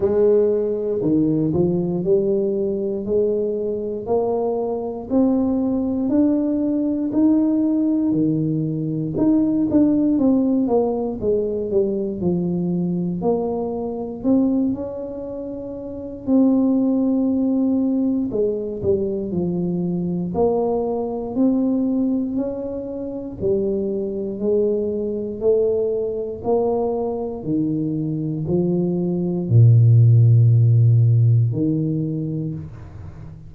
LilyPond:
\new Staff \with { instrumentName = "tuba" } { \time 4/4 \tempo 4 = 59 gis4 dis8 f8 g4 gis4 | ais4 c'4 d'4 dis'4 | dis4 dis'8 d'8 c'8 ais8 gis8 g8 | f4 ais4 c'8 cis'4. |
c'2 gis8 g8 f4 | ais4 c'4 cis'4 g4 | gis4 a4 ais4 dis4 | f4 ais,2 dis4 | }